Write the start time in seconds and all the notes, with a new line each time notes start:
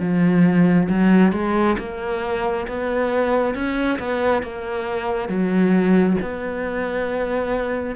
0.00 F3
0.89 F#3
1.33 G#3
1.79 A#3
2.68 B3
3.55 C#4
3.99 B3
4.43 A#3
5.29 F#3
6.22 B3